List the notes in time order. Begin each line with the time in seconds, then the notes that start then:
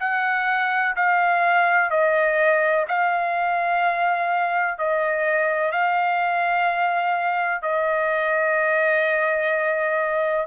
0.00 F#5
0.96 F5
1.90 D#5
2.88 F5
4.78 D#5
5.72 F5
7.62 D#5